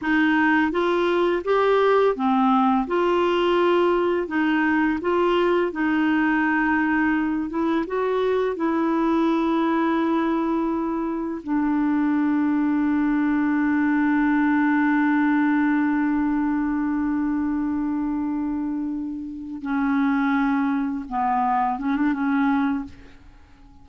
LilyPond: \new Staff \with { instrumentName = "clarinet" } { \time 4/4 \tempo 4 = 84 dis'4 f'4 g'4 c'4 | f'2 dis'4 f'4 | dis'2~ dis'8 e'8 fis'4 | e'1 |
d'1~ | d'1~ | d'2.~ d'8 cis'8~ | cis'4. b4 cis'16 d'16 cis'4 | }